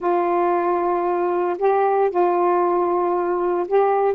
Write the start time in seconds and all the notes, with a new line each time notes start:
0.00 F4
1.58 G4
2.10 F4
3.67 G4